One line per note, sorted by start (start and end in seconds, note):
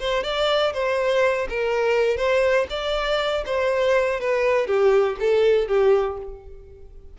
0.00 0.23 C5
0.23 0.73 D5
0.73 1.48 C5
1.50 2.17 A#4
2.17 2.66 C5
2.70 3.44 D5
3.46 4.20 C5
4.20 4.67 B4
4.67 5.17 G4
5.20 5.68 A4
5.68 6.17 G4